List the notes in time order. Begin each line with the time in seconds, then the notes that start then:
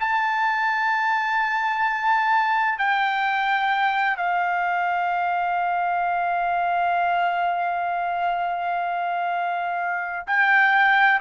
0.00 A5
2.78 G5
4.17 F5
10.27 G5